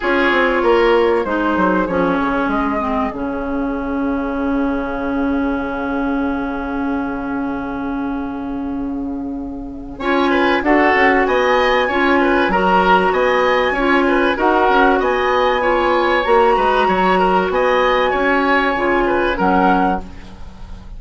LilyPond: <<
  \new Staff \with { instrumentName = "flute" } { \time 4/4 \tempo 4 = 96 cis''2 c''4 cis''4 | dis''4 f''2.~ | f''1~ | f''1 |
gis''4 fis''4 gis''2 | ais''4 gis''2 fis''4 | gis''2 ais''2 | gis''2. fis''4 | }
  \new Staff \with { instrumentName = "oboe" } { \time 4/4 gis'4 ais'4 gis'2~ | gis'1~ | gis'1~ | gis'1 |
cis''8 b'8 a'4 dis''4 cis''8 b'8 | ais'4 dis''4 cis''8 b'8 ais'4 | dis''4 cis''4. b'8 cis''8 ais'8 | dis''4 cis''4. b'8 ais'4 | }
  \new Staff \with { instrumentName = "clarinet" } { \time 4/4 f'2 dis'4 cis'4~ | cis'8 c'8 cis'2.~ | cis'1~ | cis'1 |
f'4 fis'2 f'4 | fis'2 f'4 fis'4~ | fis'4 f'4 fis'2~ | fis'2 f'4 cis'4 | }
  \new Staff \with { instrumentName = "bassoon" } { \time 4/4 cis'8 c'8 ais4 gis8 fis8 f8 cis8 | gis4 cis2.~ | cis1~ | cis1 |
cis'4 d'8 cis'8 b4 cis'4 | fis4 b4 cis'4 dis'8 cis'8 | b2 ais8 gis8 fis4 | b4 cis'4 cis4 fis4 | }
>>